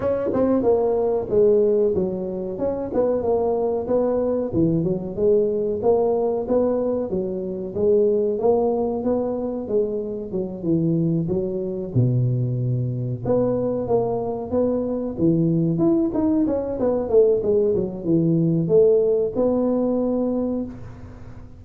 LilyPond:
\new Staff \with { instrumentName = "tuba" } { \time 4/4 \tempo 4 = 93 cis'8 c'8 ais4 gis4 fis4 | cis'8 b8 ais4 b4 e8 fis8 | gis4 ais4 b4 fis4 | gis4 ais4 b4 gis4 |
fis8 e4 fis4 b,4.~ | b,8 b4 ais4 b4 e8~ | e8 e'8 dis'8 cis'8 b8 a8 gis8 fis8 | e4 a4 b2 | }